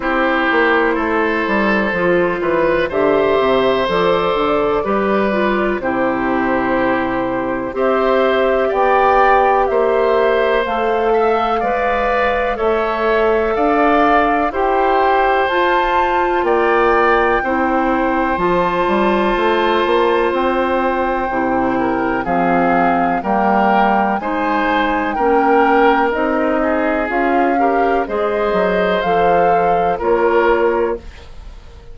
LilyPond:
<<
  \new Staff \with { instrumentName = "flute" } { \time 4/4 \tempo 4 = 62 c''2. e''4 | d''2 c''2 | e''4 g''4 e''4 f''4~ | f''4 e''4 f''4 g''4 |
a''4 g''2 a''4~ | a''4 g''2 f''4 | g''4 gis''4 g''4 dis''4 | f''4 dis''4 f''4 cis''4 | }
  \new Staff \with { instrumentName = "oboe" } { \time 4/4 g'4 a'4. b'8 c''4~ | c''4 b'4 g'2 | c''4 d''4 c''4. e''8 | d''4 cis''4 d''4 c''4~ |
c''4 d''4 c''2~ | c''2~ c''8 ais'8 gis'4 | ais'4 c''4 ais'4. gis'8~ | gis'8 ais'8 c''2 ais'4 | }
  \new Staff \with { instrumentName = "clarinet" } { \time 4/4 e'2 f'4 g'4 | a'4 g'8 f'8 e'2 | g'2. a'4 | b'4 a'2 g'4 |
f'2 e'4 f'4~ | f'2 e'4 c'4 | ais4 dis'4 cis'4 dis'4 | f'8 g'8 gis'4 a'4 f'4 | }
  \new Staff \with { instrumentName = "bassoon" } { \time 4/4 c'8 ais8 a8 g8 f8 e8 d8 c8 | f8 d8 g4 c2 | c'4 b4 ais4 a4 | gis4 a4 d'4 e'4 |
f'4 ais4 c'4 f8 g8 | a8 ais8 c'4 c4 f4 | g4 gis4 ais4 c'4 | cis'4 gis8 fis8 f4 ais4 | }
>>